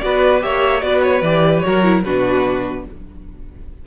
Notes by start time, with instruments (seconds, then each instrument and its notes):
0.00 cello B3, viola F#4, violin B4 D5
0.41 cello A#3, viola G4, violin C#5 E5
0.81 cello B3, viola F#4, violin B4 D5
1.03 violin C#5
1.22 cello E3, viola G4, violin D5
1.60 viola F#4, violin A#4 C#5
1.67 cello F#3
1.84 viola E4
2.04 cello B2, viola D4, violin F#4 B4